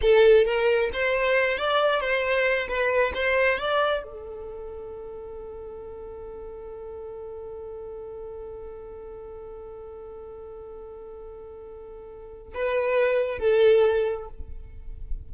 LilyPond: \new Staff \with { instrumentName = "violin" } { \time 4/4 \tempo 4 = 134 a'4 ais'4 c''4. d''8~ | d''8 c''4. b'4 c''4 | d''4 a'2.~ | a'1~ |
a'1~ | a'1~ | a'1 | b'2 a'2 | }